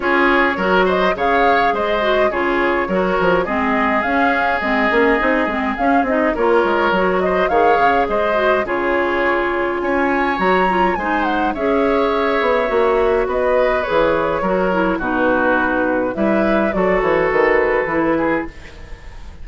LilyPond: <<
  \new Staff \with { instrumentName = "flute" } { \time 4/4 \tempo 4 = 104 cis''4. dis''8 f''4 dis''4 | cis''2 dis''4 f''4 | dis''2 f''8 dis''8 cis''4~ | cis''8 dis''8 f''4 dis''4 cis''4~ |
cis''4 gis''4 ais''4 gis''8 fis''8 | e''2. dis''4 | cis''2 b'2 | e''4 d''8 cis''8 b'2 | }
  \new Staff \with { instrumentName = "oboe" } { \time 4/4 gis'4 ais'8 c''8 cis''4 c''4 | gis'4 ais'4 gis'2~ | gis'2. ais'4~ | ais'8 c''8 cis''4 c''4 gis'4~ |
gis'4 cis''2 c''4 | cis''2. b'4~ | b'4 ais'4 fis'2 | b'4 a'2~ a'8 gis'8 | }
  \new Staff \with { instrumentName = "clarinet" } { \time 4/4 f'4 fis'4 gis'4. fis'8 | f'4 fis'4 c'4 cis'4 | c'8 cis'8 dis'8 c'8 cis'8 dis'8 f'4 | fis'4 gis'4. fis'8 f'4~ |
f'2 fis'8 f'8 dis'4 | gis'2 fis'2 | gis'4 fis'8 e'8 dis'2 | e'4 fis'2 e'4 | }
  \new Staff \with { instrumentName = "bassoon" } { \time 4/4 cis'4 fis4 cis4 gis4 | cis4 fis8 f8 gis4 cis'4 | gis8 ais8 c'8 gis8 cis'8 c'8 ais8 gis8 | fis4 dis8 cis8 gis4 cis4~ |
cis4 cis'4 fis4 gis4 | cis'4. b8 ais4 b4 | e4 fis4 b,2 | g4 fis8 e8 dis4 e4 | }
>>